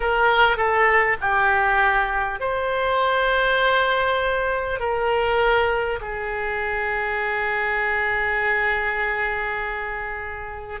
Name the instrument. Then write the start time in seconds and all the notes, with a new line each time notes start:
oboe
0.00 A#4
0.56 A4
1.20 G4
2.39 C5
4.79 A#4
6.01 G#4